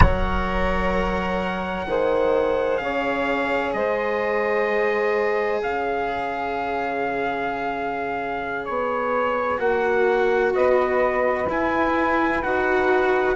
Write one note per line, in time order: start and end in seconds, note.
0.00 1.86 F#3
0.00 1.86 A#4
0.00 1.88 C#5
0.00 2.77 F#5
1.87 2.79 D#3
1.87 9.57 G#4
1.87 2.82 C5
2.77 3.73 C#3
2.77 3.76 C#5
2.77 3.71 F5
3.73 5.61 G#3
3.73 5.62 C5
3.73 5.60 D#5
5.62 8.68 C#3
5.62 10.54 C#5
5.62 8.65 F5
8.65 9.59 B3
8.65 9.59 C#5
9.57 10.53 A#3
9.57 11.45 F#4
9.57 10.53 F#5
10.54 11.48 B3
10.54 13.35 B4
10.54 11.48 D#5
11.48 12.42 E4
11.48 12.43 G#5
12.43 13.35 D#4
12.43 13.35 F#4
12.43 13.35 F#5